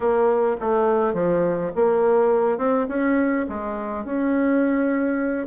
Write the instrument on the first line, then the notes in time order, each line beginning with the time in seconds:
bassoon
0.00 A#3
0.60 A3
1.13 F3
1.75 A#3
2.58 C4
2.88 C#4
3.49 G#3
4.05 C#4